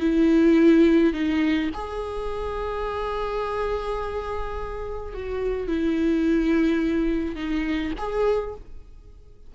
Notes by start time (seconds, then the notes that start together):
0.00 E4
1.13 D#4
1.74 G#4
5.14 F#4
5.68 E4
7.36 D#4
7.98 G#4